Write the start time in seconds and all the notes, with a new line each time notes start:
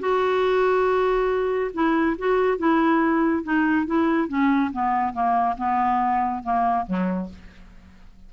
0.00 F#4
1.74 E4
2.18 F#4
2.58 E4
3.44 D#4
3.86 E4
4.29 C#4
4.73 B3
5.14 A#3
5.58 B3
6.44 A#3
6.87 F#3